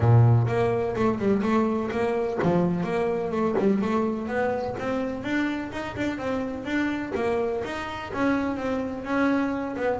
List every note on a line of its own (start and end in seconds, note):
0.00 0.46 A#2
0.47 0.94 A#3
0.95 1.18 A3
1.18 1.42 G3
1.42 1.90 A3
1.91 2.38 A#3
2.42 2.83 F3
2.83 3.31 A#3
3.31 3.55 A3
3.58 3.81 G3
3.81 4.27 A3
4.27 4.75 B3
4.79 5.23 C4
5.23 5.71 D4
5.72 5.95 D#4
5.96 6.18 D4
6.18 6.64 C4
6.64 7.12 D4
7.15 7.62 A#3
7.64 8.11 D#4
8.13 8.56 C#4
8.56 9.04 C4
9.04 9.75 C#4
9.76 10.00 B3